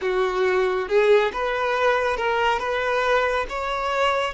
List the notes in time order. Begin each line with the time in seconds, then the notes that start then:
0.01 F#4
0.88 G#4
1.32 B4
2.17 A#4
2.59 B4
3.49 C#5